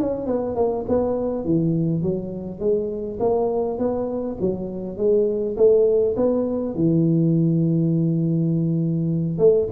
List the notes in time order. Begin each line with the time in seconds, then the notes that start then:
0.00 C#4
0.26 B3
0.56 A#3
0.89 B3
1.45 E3
2.02 F#3
2.60 G#3
3.20 A#3
3.79 B3
4.41 F#3
4.97 G#3
5.57 A3
6.17 B3
6.75 E3
9.39 A3